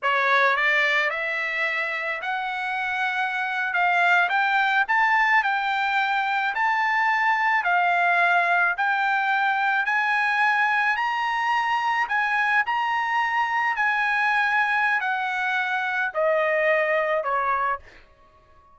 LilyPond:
\new Staff \with { instrumentName = "trumpet" } { \time 4/4 \tempo 4 = 108 cis''4 d''4 e''2 | fis''2~ fis''8. f''4 g''16~ | g''8. a''4 g''2 a''16~ | a''4.~ a''16 f''2 g''16~ |
g''4.~ g''16 gis''2 ais''16~ | ais''4.~ ais''16 gis''4 ais''4~ ais''16~ | ais''8. gis''2~ gis''16 fis''4~ | fis''4 dis''2 cis''4 | }